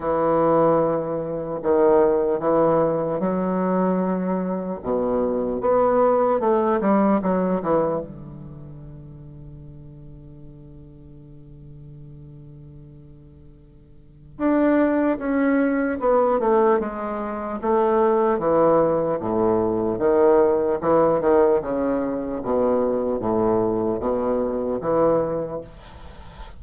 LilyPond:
\new Staff \with { instrumentName = "bassoon" } { \time 4/4 \tempo 4 = 75 e2 dis4 e4 | fis2 b,4 b4 | a8 g8 fis8 e8 d2~ | d1~ |
d2 d'4 cis'4 | b8 a8 gis4 a4 e4 | a,4 dis4 e8 dis8 cis4 | b,4 a,4 b,4 e4 | }